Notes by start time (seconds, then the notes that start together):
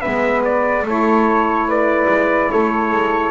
0.00 G#3 B3 B4 E5
0.44 D5
0.82 A3 E4 A4 C#5
1.68 B4 D5
2.08 G#3
2.51 A3 A4 C#5
2.92 G#3